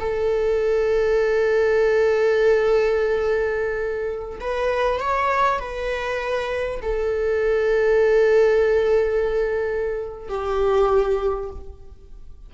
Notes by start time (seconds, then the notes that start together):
0.00 A4
4.41 B4
5.00 C#5
5.60 B4
6.82 A4
10.29 G4